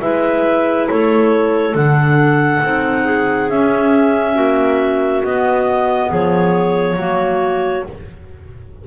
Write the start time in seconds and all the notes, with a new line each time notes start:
0.00 G#3 E4 B4 E5
0.88 A3 A4 C#5
1.74 D3 D4 F#5
2.63 C4 D#4
3.04 G#4
3.49 C#4 E5
4.35 A#3 F#4
5.24 B3 D#5
6.08 F3 G#4 C#5
6.96 F#3 A#3 F#4